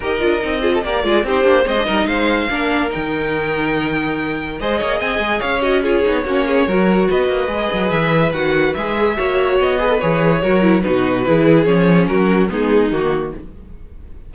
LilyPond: <<
  \new Staff \with { instrumentName = "violin" } { \time 4/4 \tempo 4 = 144 dis''2 d''4 c''4 | dis''4 f''2 g''4~ | g''2. dis''4 | gis''4 f''8 dis''8 cis''2~ |
cis''4 dis''2 e''4 | fis''4 e''2 dis''4 | cis''2 b'2 | cis''4 ais'4 gis'4 fis'4 | }
  \new Staff \with { instrumentName = "violin" } { \time 4/4 ais'4. gis'16 a'16 ais'8 gis'8 g'4 | c''8 ais'8 c''4 ais'2~ | ais'2. c''8 cis''8 | dis''4 cis''4 gis'4 fis'8 gis'8 |
ais'4 b'2.~ | b'2 cis''4. b'8~ | b'4 ais'4 fis'4 gis'4~ | gis'4 fis'4 dis'2 | }
  \new Staff \with { instrumentName = "viola" } { \time 4/4 g'8 f'8 dis'8 f'8 g'8 f'8 dis'8 d'8 | c'16 d'16 dis'4. d'4 dis'4~ | dis'2. gis'4~ | gis'4. fis'8 f'8 dis'8 cis'4 |
fis'2 gis'2 | fis'4 gis'4 fis'4. gis'16 a'16 | gis'4 fis'8 e'8 dis'4 e'4 | cis'2 b4 ais4 | }
  \new Staff \with { instrumentName = "cello" } { \time 4/4 dis'8 d'8 c'4 ais8 gis8 c'8 ais8 | gis8 g8 gis4 ais4 dis4~ | dis2. gis8 ais8 | c'8 gis8 cis'4. b8 ais4 |
fis4 b8 ais8 gis8 fis8 e4 | dis4 gis4 ais4 b4 | e4 fis4 b,4 e4 | f4 fis4 gis4 dis4 | }
>>